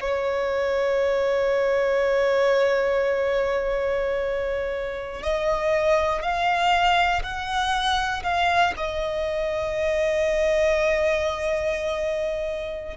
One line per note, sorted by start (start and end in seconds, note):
0.00 5.23 C#5
5.23 6.22 D#5
6.22 7.22 F5
7.23 8.23 F#5
8.23 8.73 F5
8.77 12.97 D#5